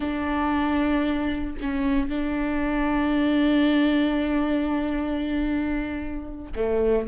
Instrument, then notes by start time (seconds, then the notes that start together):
viola
0.00 D4
1.61 C#4
2.08 D4
6.55 A3